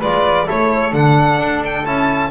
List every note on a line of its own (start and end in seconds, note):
0.00 0.48 G#3
0.00 0.47 F4
0.00 0.46 B4
0.00 0.48 D5
0.46 0.93 A3
0.46 0.92 E4
0.46 2.29 A4
0.46 0.94 C#5
0.92 1.39 D3
0.92 1.83 D4
0.92 1.63 F#5
1.39 1.84 D4
1.65 1.86 G5
1.85 2.31 C#4
1.85 2.31 E4
1.85 2.31 A5